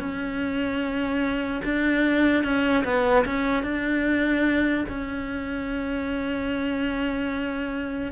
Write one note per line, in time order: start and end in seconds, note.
0.00 1.62 C#4
1.65 2.44 D4
2.44 2.85 C#4
2.85 3.25 B3
3.25 3.63 C#4
3.63 4.85 D4
4.89 8.12 C#4